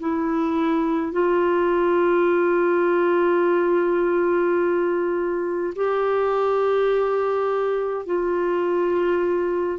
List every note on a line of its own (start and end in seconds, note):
0.00 1.12 E4
1.12 5.74 F4
5.75 8.06 G4
8.06 9.79 F4